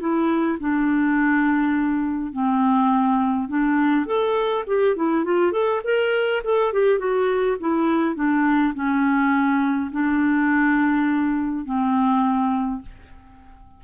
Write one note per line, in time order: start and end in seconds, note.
0.00 0.58 E4
0.60 2.32 D4
2.32 3.48 C4
3.48 4.06 D4
4.06 4.64 A4
4.67 4.96 G4
4.96 5.25 E4
5.25 5.52 F4
5.52 5.81 A4
5.84 6.43 A#4
6.44 6.73 A4
6.73 6.99 G4
6.99 7.57 F#4
7.60 8.16 E4
8.16 8.74 D4
8.75 9.91 C#4
9.92 11.65 D4
11.65 12.82 C4